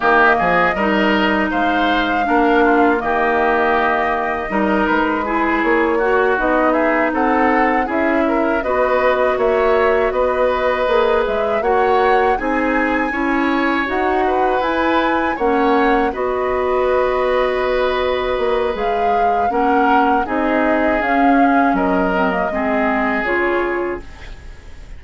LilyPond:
<<
  \new Staff \with { instrumentName = "flute" } { \time 4/4 \tempo 4 = 80 dis''2 f''2 | dis''2~ dis''8 b'4 cis''8~ | cis''8 dis''8 e''8 fis''4 e''4 dis''8~ | dis''8 e''4 dis''4. e''8 fis''8~ |
fis''8 gis''2 fis''4 gis''8~ | gis''8 fis''4 dis''2~ dis''8~ | dis''4 f''4 fis''4 dis''4 | f''4 dis''2 cis''4 | }
  \new Staff \with { instrumentName = "oboe" } { \time 4/4 g'8 gis'8 ais'4 c''4 ais'8 f'8 | g'2 ais'4 gis'4 | fis'4 gis'8 a'4 gis'8 ais'8 b'8~ | b'8 cis''4 b'2 cis''8~ |
cis''8 gis'4 cis''4. b'4~ | b'8 cis''4 b'2~ b'8~ | b'2 ais'4 gis'4~ | gis'4 ais'4 gis'2 | }
  \new Staff \with { instrumentName = "clarinet" } { \time 4/4 ais4 dis'2 d'4 | ais2 dis'4 e'4 | fis'8 dis'2 e'4 fis'8~ | fis'2~ fis'8 gis'4 fis'8~ |
fis'8 dis'4 e'4 fis'4 e'8~ | e'8 cis'4 fis'2~ fis'8~ | fis'4 gis'4 cis'4 dis'4 | cis'4. c'16 ais16 c'4 f'4 | }
  \new Staff \with { instrumentName = "bassoon" } { \time 4/4 dis8 f8 g4 gis4 ais4 | dis2 g8 gis4 ais8~ | ais8 b4 c'4 cis'4 b8~ | b8 ais4 b4 ais8 gis8 ais8~ |
ais8 c'4 cis'4 dis'4 e'8~ | e'8 ais4 b2~ b8~ | b8 ais8 gis4 ais4 c'4 | cis'4 fis4 gis4 cis4 | }
>>